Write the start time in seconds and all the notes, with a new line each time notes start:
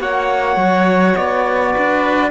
0.00 A#3 F#4 C#5 F#5
0.56 F#3
1.15 B3 D5
1.72 D4 B4